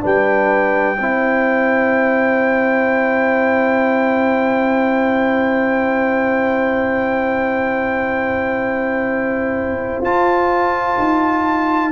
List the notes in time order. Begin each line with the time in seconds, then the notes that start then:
0.00 G3 D4 B4 G5
0.99 C4 E4 C5
10.01 F4 A5
10.98 D#4